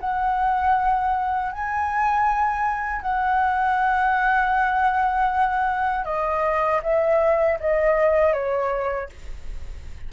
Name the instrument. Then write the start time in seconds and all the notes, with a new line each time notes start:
flute
0.00 F#5
1.52 G#5
3.02 F#5
6.05 D#5
6.83 E5
7.60 D#5
8.33 C#5